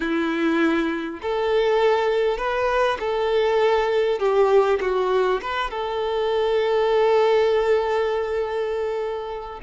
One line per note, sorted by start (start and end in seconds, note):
0.00 1.20 E4
1.22 2.37 A4
2.37 2.97 B4
2.99 4.19 A4
4.19 4.79 G4
4.81 5.41 F#4
5.41 5.70 B4
5.70 9.60 A4